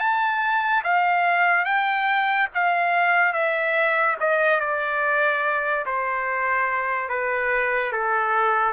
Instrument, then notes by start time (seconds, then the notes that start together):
trumpet
0.00 A5
0.84 F5
1.65 G5
2.55 F5
3.33 E5
4.20 D#5
4.61 D5
5.86 C5
7.09 B4
7.92 A4